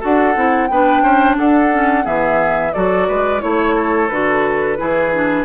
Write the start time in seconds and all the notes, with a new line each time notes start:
0.00 D4 F#4 A4 F#5
0.35 C4 E4
0.67 B3 D4 B4 G5
1.02 C#4 C5
1.38 D4 A4 F#5
1.73 C#4
2.03 E3 B3 G#4 E5
2.73 F#3 F#4 A4 D5
3.08 G#3 B4
3.40 A3 E4 C#5
3.75 A4
4.09 D3 F#4 B4
4.77 E3 E4 G#4
5.14 D4